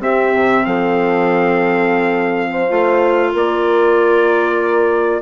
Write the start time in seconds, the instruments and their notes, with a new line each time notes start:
0.00 clarinet C4, bassoon C4, horn G4, trumpet E5
0.34 bassoon C3
0.65 bassoon F3, horn A4, trumpet F5
2.51 horn C5
2.68 bassoon A3, clarinet F4
3.33 bassoon A#3, horn A#4, trumpet D5